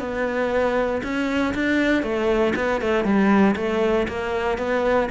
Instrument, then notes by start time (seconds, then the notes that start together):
cello
0.00 B3
1.04 C#4
1.55 D4
2.03 A3
2.56 B3
2.81 A3
3.05 G3
3.56 A3
4.08 A#3
4.58 B3